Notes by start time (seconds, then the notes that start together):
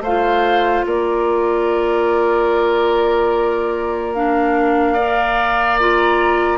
0.00 A3 C5 F5
0.07 F4
0.85 A#3 A#4 D5
4.14 D4 F5
4.94 A#4 D5
5.79 F4 A#5